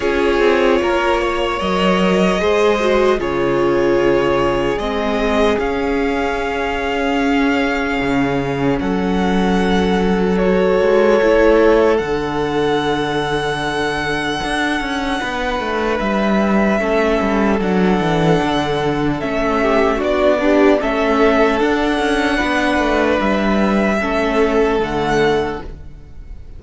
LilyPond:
<<
  \new Staff \with { instrumentName = "violin" } { \time 4/4 \tempo 4 = 75 cis''2 dis''2 | cis''2 dis''4 f''4~ | f''2. fis''4~ | fis''4 cis''2 fis''4~ |
fis''1 | e''2 fis''2 | e''4 d''4 e''4 fis''4~ | fis''4 e''2 fis''4 | }
  \new Staff \with { instrumentName = "violin" } { \time 4/4 gis'4 ais'8 cis''4. c''4 | gis'1~ | gis'2. a'4~ | a'1~ |
a'2. b'4~ | b'4 a'2.~ | a'8 g'8 fis'8 d'8 a'2 | b'2 a'2 | }
  \new Staff \with { instrumentName = "viola" } { \time 4/4 f'2 ais'4 gis'8 fis'8 | f'2 c'4 cis'4~ | cis'1~ | cis'4 fis'4 e'4 d'4~ |
d'1~ | d'4 cis'4 d'2 | cis'4 d'8 g'8 cis'4 d'4~ | d'2 cis'4 a4 | }
  \new Staff \with { instrumentName = "cello" } { \time 4/4 cis'8 c'8 ais4 fis4 gis4 | cis2 gis4 cis'4~ | cis'2 cis4 fis4~ | fis4. gis8 a4 d4~ |
d2 d'8 cis'8 b8 a8 | g4 a8 g8 fis8 e8 d4 | a4 b4 a4 d'8 cis'8 | b8 a8 g4 a4 d4 | }
>>